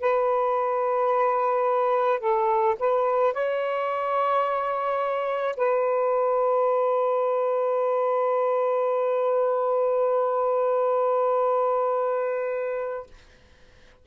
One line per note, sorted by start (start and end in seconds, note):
0.00 2.20 B4
2.20 2.76 A4
2.79 3.33 B4
3.33 5.56 C#5
5.57 13.07 B4